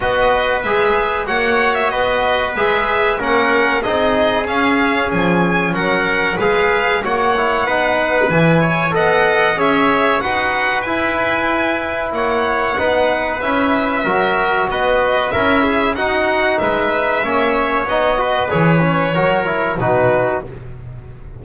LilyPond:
<<
  \new Staff \with { instrumentName = "violin" } { \time 4/4 \tempo 4 = 94 dis''4 e''4 fis''8. e''16 dis''4 | e''4 fis''4 dis''4 f''4 | gis''4 fis''4 f''4 fis''4~ | fis''4 gis''4 fis''4 e''4 |
fis''4 gis''2 fis''4~ | fis''4 e''2 dis''4 | e''4 fis''4 e''2 | dis''4 cis''2 b'4 | }
  \new Staff \with { instrumentName = "trumpet" } { \time 4/4 b'2 cis''4 b'4~ | b'4 ais'4 gis'2~ | gis'4 ais'4 b'4 cis''4 | b'4. cis''8 dis''4 cis''4 |
b'2. cis''4 | b'2 ais'4 b'4 | ais'8 gis'8 fis'4 b'4 cis''4~ | cis''8 b'4. ais'4 fis'4 | }
  \new Staff \with { instrumentName = "trombone" } { \time 4/4 fis'4 gis'4 fis'2 | gis'4 cis'4 dis'4 cis'4~ | cis'2 gis'4 fis'8 e'8 | dis'4 e'4 a'4 gis'4 |
fis'4 e'2. | dis'4 e'4 fis'2 | e'4 dis'2 cis'4 | dis'8 fis'8 gis'8 cis'8 fis'8 e'8 dis'4 | }
  \new Staff \with { instrumentName = "double bass" } { \time 4/4 b4 gis4 ais4 b4 | gis4 ais4 c'4 cis'4 | f4 fis4 gis4 ais4 | b4 e4 b4 cis'4 |
dis'4 e'2 ais4 | b4 cis'4 fis4 b4 | cis'4 dis'4 gis4 ais4 | b4 e4 fis4 b,4 | }
>>